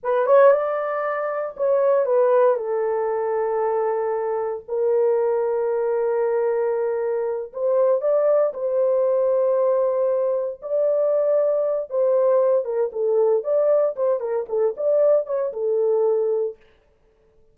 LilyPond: \new Staff \with { instrumentName = "horn" } { \time 4/4 \tempo 4 = 116 b'8 cis''8 d''2 cis''4 | b'4 a'2.~ | a'4 ais'2.~ | ais'2~ ais'8 c''4 d''8~ |
d''8 c''2.~ c''8~ | c''8 d''2~ d''8 c''4~ | c''8 ais'8 a'4 d''4 c''8 ais'8 | a'8 d''4 cis''8 a'2 | }